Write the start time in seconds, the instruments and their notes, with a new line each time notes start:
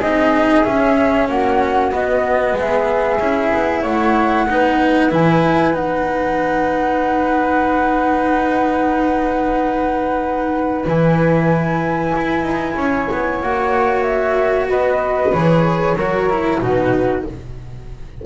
0.00 double bass C4, cello D#4, flute G#4 D#5
0.64 cello C#4, double bass C#4, flute E5
1.29 double bass A#3, flute F#4 F#5
1.91 cello B3, double bass B3, flute D#5
2.53 double bass G#3, flute G#4
2.60 flute E5
3.20 double bass C#4, cello E4
3.54 double bass B3
3.82 double bass A3, flute C#5 F#5
4.48 double bass B3, cello D#4, flute B4
5.11 double bass E3, cello E4, flute G#5
5.74 double bass B3, cello D#4, flute F#5
10.87 double bass E3, cello E4, flute G#5
12.16 double bass E4
12.43 double bass D#4
12.77 double bass C#4, flute C#5
13.12 double bass B3
13.43 double bass A#3, cello F#4, flute F#5
14.03 flute E5
14.69 double bass B3, flute B4 D#5
15.33 double bass E3, cello G#4, flute C#5
15.95 double bass F#3, cello F#4, flute A#4
16.30 cello E4
16.61 double bass B2, cello D#4, flute F#4 B4